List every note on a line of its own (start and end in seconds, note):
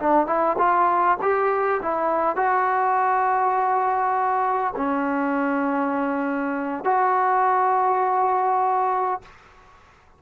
0.00 0.27 D4
0.27 0.56 E4
0.58 1.17 F4
1.22 1.81 G4
1.82 2.37 E4
2.37 4.74 F#4
4.76 6.84 C#4
6.84 9.22 F#4